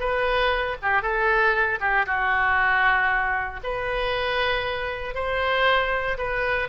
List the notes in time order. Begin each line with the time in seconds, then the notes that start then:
0.00 B4
0.83 G4
1.02 A4
1.80 G4
2.07 F#4
3.64 B4
5.15 C5
6.18 B4